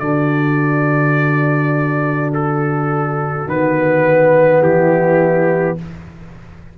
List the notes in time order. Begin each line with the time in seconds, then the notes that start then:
0.00 D3 D4 F#4 D5
2.35 A4
3.47 D#3 B3 B4
4.61 E3 E4 G4